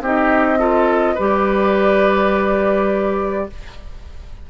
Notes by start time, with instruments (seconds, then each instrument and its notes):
0.00 bassoon C4, clarinet D#4, oboe G4, flute D#5
0.58 clarinet F4, oboe A4
1.14 bassoon G3, clarinet G4, oboe B4, flute D5